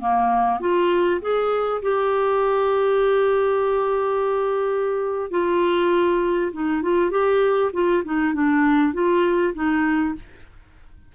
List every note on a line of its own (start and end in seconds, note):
0.00 0.61 A#3
0.61 1.21 F4
1.21 1.82 G#4
1.83 5.31 G4
5.31 6.52 F4
6.53 6.83 D#4
6.83 7.11 F4
7.11 7.72 G4
7.74 8.04 F4
8.05 8.34 D#4
8.34 8.94 D4
8.94 9.54 F4
9.55 10.15 D#4